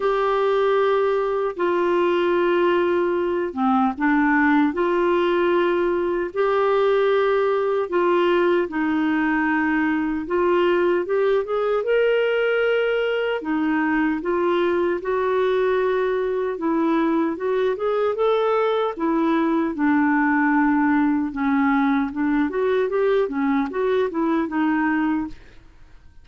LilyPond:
\new Staff \with { instrumentName = "clarinet" } { \time 4/4 \tempo 4 = 76 g'2 f'2~ | f'8 c'8 d'4 f'2 | g'2 f'4 dis'4~ | dis'4 f'4 g'8 gis'8 ais'4~ |
ais'4 dis'4 f'4 fis'4~ | fis'4 e'4 fis'8 gis'8 a'4 | e'4 d'2 cis'4 | d'8 fis'8 g'8 cis'8 fis'8 e'8 dis'4 | }